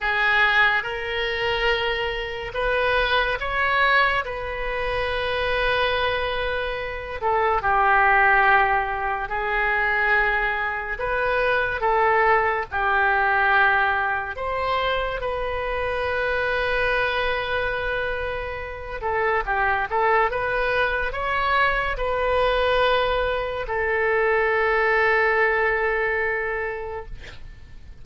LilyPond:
\new Staff \with { instrumentName = "oboe" } { \time 4/4 \tempo 4 = 71 gis'4 ais'2 b'4 | cis''4 b'2.~ | b'8 a'8 g'2 gis'4~ | gis'4 b'4 a'4 g'4~ |
g'4 c''4 b'2~ | b'2~ b'8 a'8 g'8 a'8 | b'4 cis''4 b'2 | a'1 | }